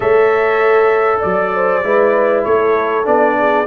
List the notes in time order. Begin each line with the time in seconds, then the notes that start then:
0.00 A3 A4 C#5 E5
1.19 F#3 D5
1.54 C5
1.83 G#3 E4 B4
2.43 A3 A4 C#5
3.04 B3 D4 D5
3.37 G#4